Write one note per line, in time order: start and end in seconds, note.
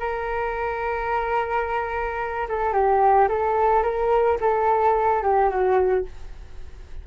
0.00 2.48 A#4
2.49 2.73 A4
2.73 3.29 G4
3.29 3.84 A4
3.84 4.39 A#4
4.41 5.23 A4
5.23 5.50 G4
5.50 6.05 F#4